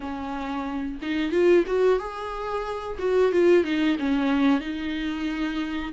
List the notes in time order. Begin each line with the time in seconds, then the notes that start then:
0.00 C#4
1.02 D#4
1.31 F4
1.66 F#4
1.99 G#4
2.99 F#4
3.32 F4
3.64 D#4
3.99 C#4
4.60 D#4